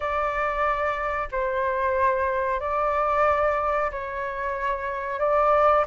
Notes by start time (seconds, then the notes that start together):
0.00 D5
1.31 C5
2.60 D5
3.91 C#5
5.19 D5